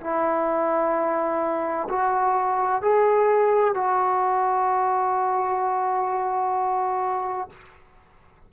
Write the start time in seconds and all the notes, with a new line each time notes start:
0.00 E4
1.89 F#4
2.81 G#4
3.74 F#4